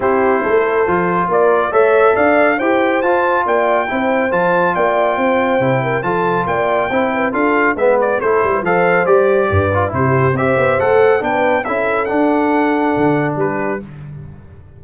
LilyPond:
<<
  \new Staff \with { instrumentName = "trumpet" } { \time 4/4 \tempo 4 = 139 c''2. d''4 | e''4 f''4 g''4 a''4 | g''2 a''4 g''4~ | g''2 a''4 g''4~ |
g''4 f''4 e''8 d''8 c''4 | f''4 d''2 c''4 | e''4 fis''4 g''4 e''4 | fis''2. b'4 | }
  \new Staff \with { instrumentName = "horn" } { \time 4/4 g'4 a'2 ais'4 | cis''4 d''4 c''2 | d''4 c''2 d''4 | c''4. ais'8 a'4 d''4 |
c''8 b'8 a'4 b'4 a'8. b'16 | c''2 b'4 g'4 | c''2 b'4 a'4~ | a'2. g'4 | }
  \new Staff \with { instrumentName = "trombone" } { \time 4/4 e'2 f'2 | a'2 g'4 f'4~ | f'4 e'4 f'2~ | f'4 e'4 f'2 |
e'4 f'4 b4 e'4 | a'4 g'4. f'8 e'4 | g'4 a'4 d'4 e'4 | d'1 | }
  \new Staff \with { instrumentName = "tuba" } { \time 4/4 c'4 a4 f4 ais4 | a4 d'4 e'4 f'4 | ais4 c'4 f4 ais4 | c'4 c4 f4 ais4 |
c'4 d'4 gis4 a8 g8 | f4 g4 g,4 c4 | c'8 b8 a4 b4 cis'4 | d'2 d4 g4 | }
>>